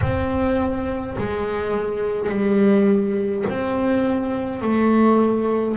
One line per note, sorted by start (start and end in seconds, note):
0.01 1.16 C4
1.17 2.29 G#3
2.29 3.44 G3
3.49 4.62 C4
4.62 5.77 A3